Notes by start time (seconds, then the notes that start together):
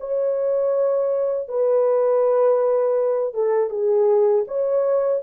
0.00 C#5
1.48 B4
3.34 A4
3.70 G#4
4.47 C#5